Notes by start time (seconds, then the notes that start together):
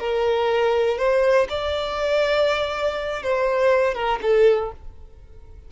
0.00 A#4
0.98 C5
1.49 D5
3.23 C5
3.95 A#4
4.22 A4